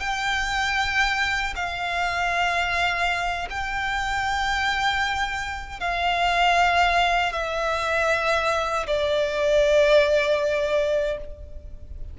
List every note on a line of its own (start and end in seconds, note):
0.00 1.54 G5
1.56 3.48 F5
3.50 5.80 G5
5.80 7.33 F5
7.33 8.86 E5
8.87 11.17 D5